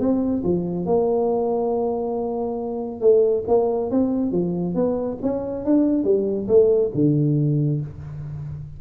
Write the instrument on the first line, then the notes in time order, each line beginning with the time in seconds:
tuba
0.00 C4
0.44 F3
0.86 A#3
3.01 A3
3.48 A#3
3.91 C4
4.32 F3
4.75 B3
5.23 C#4
5.65 D4
6.04 G3
6.48 A3
6.95 D3